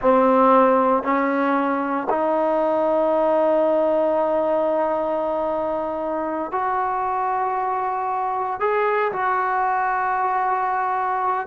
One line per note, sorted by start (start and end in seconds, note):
0.01 1.03 C4
1.03 2.07 C#4
2.09 6.51 D#4
6.51 8.59 F#4
8.59 9.12 G#4
9.12 11.47 F#4